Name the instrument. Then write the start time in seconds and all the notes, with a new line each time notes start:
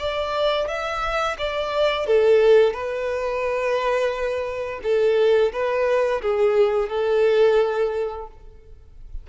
violin
0.00 D5
0.68 E5
1.39 D5
2.07 A4
2.74 B4
4.84 A4
5.53 B4
6.22 G#4
6.90 A4